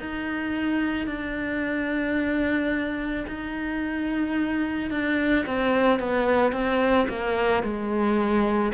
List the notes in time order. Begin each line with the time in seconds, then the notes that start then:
0.00 D#4
1.07 D4
3.27 D#4
4.91 D4
5.46 C4
6.00 B3
6.53 C4
7.09 A#3
7.64 G#3